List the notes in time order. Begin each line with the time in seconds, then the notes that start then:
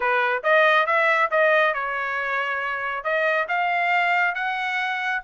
0.00 B4
0.43 D#5
0.86 E5
1.30 D#5
1.74 C#5
3.03 D#5
3.48 F5
4.35 F#5